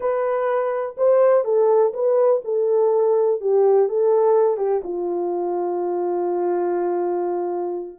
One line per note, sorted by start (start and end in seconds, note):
0.00 0.95 B4
0.97 1.44 C5
1.44 1.92 A4
1.93 2.41 B4
2.44 3.40 A4
3.40 3.88 G4
3.88 4.57 A4
4.57 4.81 G4
4.83 7.98 F4